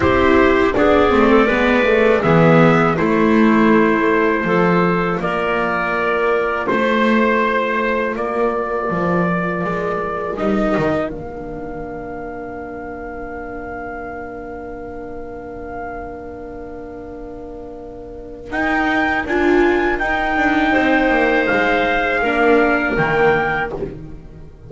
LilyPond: <<
  \new Staff \with { instrumentName = "trumpet" } { \time 4/4 \tempo 4 = 81 c''4 d''2 e''4 | c''2. d''4~ | d''4 c''2 d''4~ | d''2 dis''4 f''4~ |
f''1~ | f''1~ | f''4 g''4 gis''4 g''4~ | g''4 f''2 g''4 | }
  \new Staff \with { instrumentName = "clarinet" } { \time 4/4 g'4 gis'8. a'16 b'4 gis'4 | e'2 a'4 ais'4~ | ais'4 c''2 ais'4~ | ais'1~ |
ais'1~ | ais'1~ | ais'1 | c''2 ais'2 | }
  \new Staff \with { instrumentName = "viola" } { \time 4/4 e'4 d'8 c'8 b8 a8 b4 | a2 f'2~ | f'1~ | f'2 dis'4 d'4~ |
d'1~ | d'1~ | d'4 dis'4 f'4 dis'4~ | dis'2 d'4 ais4 | }
  \new Staff \with { instrumentName = "double bass" } { \time 4/4 c'4 b8 a8 gis4 e4 | a2 f4 ais4~ | ais4 a2 ais4 | f4 gis4 g8 dis8 ais4~ |
ais1~ | ais1~ | ais4 dis'4 d'4 dis'8 d'8 | c'8 ais8 gis4 ais4 dis4 | }
>>